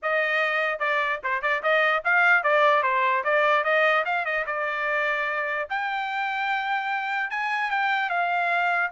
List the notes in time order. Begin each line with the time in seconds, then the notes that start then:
0.02 D#5
0.79 D5
1.23 C5
1.42 D5
1.62 D#5
2.04 F5
2.43 D5
2.82 C5
3.23 D5
3.63 D#5
4.05 F5
4.25 D#5
4.46 D5
5.69 G5
7.30 G#5
7.70 G5
8.09 F5